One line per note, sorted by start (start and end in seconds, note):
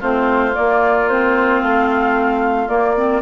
0.00 0.55 A3
0.00 0.52 C4
0.00 3.21 F4
0.00 0.55 C5
0.52 1.05 A#3
0.52 1.08 D5
0.58 1.62 A#3
1.08 2.68 C4
1.08 1.61 C5
1.62 2.68 A3
1.62 2.68 F5
2.68 2.95 A#3
2.68 3.22 A#3
2.68 3.22 D5
2.96 3.22 C4